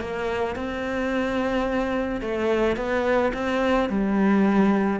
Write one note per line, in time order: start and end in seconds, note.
0.00 0.56 A#3
0.56 2.21 C4
2.21 2.76 A3
2.76 3.32 B3
3.33 3.89 C4
3.89 5.00 G3